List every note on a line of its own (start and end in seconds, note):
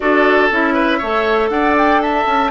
0.00 0.50 D4
0.00 0.50 F#4
0.00 0.73 A4
0.00 0.49 D5
0.50 1.01 C#4
0.50 1.01 E4
0.50 1.49 E5
0.73 0.98 B4
0.98 1.50 A3
0.98 2.51 A4
0.98 1.49 C#5
1.49 2.25 D4
1.49 2.02 D5
1.49 1.74 F#5
1.77 2.02 G5
2.02 2.51 E5
2.02 2.51 A5
2.25 2.51 C#4